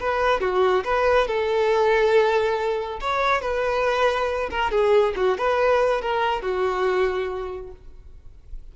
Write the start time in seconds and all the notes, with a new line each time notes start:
0.00 B4
0.41 F#4
0.84 B4
1.27 A4
3.01 C#5
3.41 B4
4.51 A#4
4.71 G#4
5.16 F#4
5.38 B4
6.02 A#4
6.42 F#4